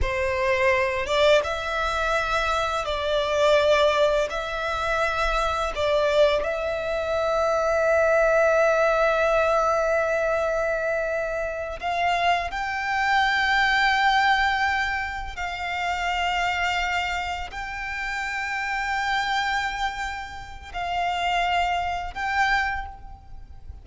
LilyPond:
\new Staff \with { instrumentName = "violin" } { \time 4/4 \tempo 4 = 84 c''4. d''8 e''2 | d''2 e''2 | d''4 e''2.~ | e''1~ |
e''8 f''4 g''2~ g''8~ | g''4. f''2~ f''8~ | f''8 g''2.~ g''8~ | g''4 f''2 g''4 | }